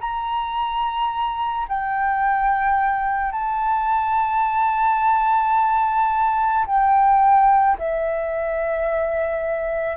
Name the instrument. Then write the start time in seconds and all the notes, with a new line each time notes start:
flute
0.00 A#5
1.68 G5
3.32 A5
6.66 G5
7.78 E5